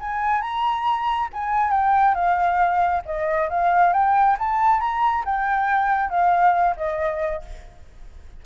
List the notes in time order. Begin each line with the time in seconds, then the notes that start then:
0.00 G#5
0.41 A#5
1.33 G#5
1.71 G5
2.15 F5
3.05 D#5
3.49 F5
3.93 G5
4.39 A5
4.80 A#5
5.25 G5
6.10 F5
6.77 D#5